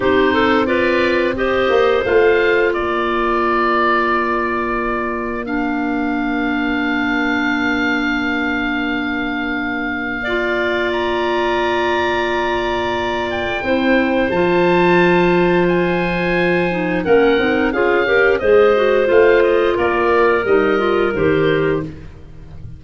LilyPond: <<
  \new Staff \with { instrumentName = "oboe" } { \time 4/4 \tempo 4 = 88 c''4 d''4 dis''4 f''4 | d''1 | f''1~ | f''1 |
ais''2.~ ais''8 g''8~ | g''4 a''2 gis''4~ | gis''4 fis''4 f''4 dis''4 | f''8 dis''8 d''4 dis''4 c''4 | }
  \new Staff \with { instrumentName = "clarinet" } { \time 4/4 g'8 a'8 b'4 c''2 | ais'1~ | ais'1~ | ais'2. d''4~ |
d''1 | c''1~ | c''4 ais'4 gis'8 ais'8 c''4~ | c''4 ais'2. | }
  \new Staff \with { instrumentName = "clarinet" } { \time 4/4 dis'4 f'4 g'4 f'4~ | f'1 | d'1~ | d'2. f'4~ |
f'1 | e'4 f'2.~ | f'8 dis'8 cis'8 dis'8 f'8 g'8 gis'8 fis'8 | f'2 dis'8 f'8 g'4 | }
  \new Staff \with { instrumentName = "tuba" } { \time 4/4 c'2~ c'8 ais8 a4 | ais1~ | ais1~ | ais1~ |
ais1 | c'4 f2.~ | f4 ais8 c'8 cis'4 gis4 | a4 ais4 g4 dis4 | }
>>